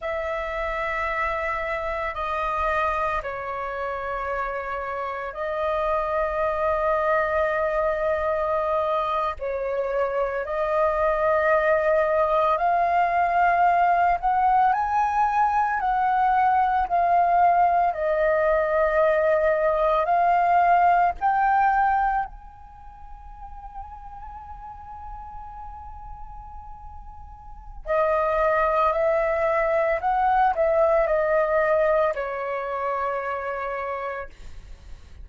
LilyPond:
\new Staff \with { instrumentName = "flute" } { \time 4/4 \tempo 4 = 56 e''2 dis''4 cis''4~ | cis''4 dis''2.~ | dis''8. cis''4 dis''2 f''16~ | f''4~ f''16 fis''8 gis''4 fis''4 f''16~ |
f''8. dis''2 f''4 g''16~ | g''8. gis''2.~ gis''16~ | gis''2 dis''4 e''4 | fis''8 e''8 dis''4 cis''2 | }